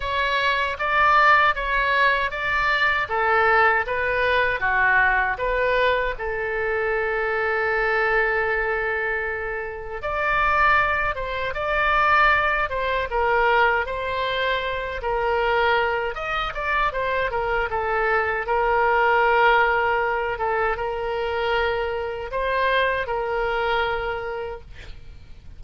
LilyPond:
\new Staff \with { instrumentName = "oboe" } { \time 4/4 \tempo 4 = 78 cis''4 d''4 cis''4 d''4 | a'4 b'4 fis'4 b'4 | a'1~ | a'4 d''4. c''8 d''4~ |
d''8 c''8 ais'4 c''4. ais'8~ | ais'4 dis''8 d''8 c''8 ais'8 a'4 | ais'2~ ais'8 a'8 ais'4~ | ais'4 c''4 ais'2 | }